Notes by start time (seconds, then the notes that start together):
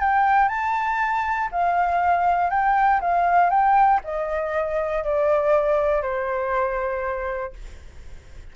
0.00 G5
0.49 A5
1.52 F5
2.50 G5
3.01 F5
3.50 G5
4.04 D#5
5.04 D5
6.02 C5